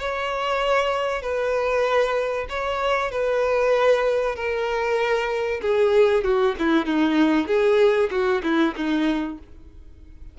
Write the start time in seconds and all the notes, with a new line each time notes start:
0.00 C#5
1.22 B4
2.49 C#5
3.11 B4
4.36 A#4
5.62 G#4
6.24 F#4
6.59 E4
6.86 D#4
7.47 G#4
8.11 F#4
8.43 E4
8.76 D#4